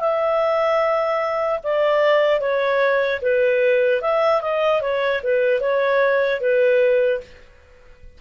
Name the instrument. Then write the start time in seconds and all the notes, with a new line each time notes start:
clarinet
0.00 E5
1.64 D5
2.40 C#5
3.21 B4
4.01 E5
4.41 D#5
4.81 C#5
5.23 B4
5.61 C#5
6.41 B4